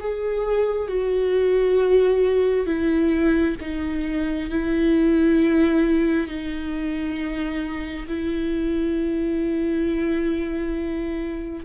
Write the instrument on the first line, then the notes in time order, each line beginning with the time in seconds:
viola
0.00 G#4
0.88 F#4
2.66 E4
3.61 D#4
4.50 E4
6.27 D#4
8.08 E4